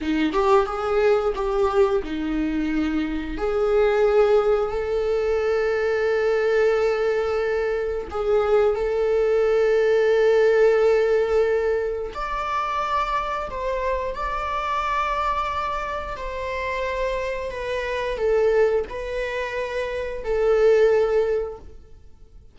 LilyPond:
\new Staff \with { instrumentName = "viola" } { \time 4/4 \tempo 4 = 89 dis'8 g'8 gis'4 g'4 dis'4~ | dis'4 gis'2 a'4~ | a'1 | gis'4 a'2.~ |
a'2 d''2 | c''4 d''2. | c''2 b'4 a'4 | b'2 a'2 | }